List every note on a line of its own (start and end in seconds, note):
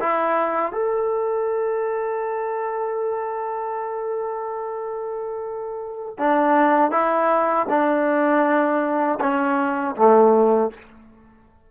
0.00 0.72 E4
0.72 6.16 A4
6.19 6.91 D4
6.91 7.66 E4
7.69 9.19 D4
9.21 9.96 C#4
9.96 10.71 A3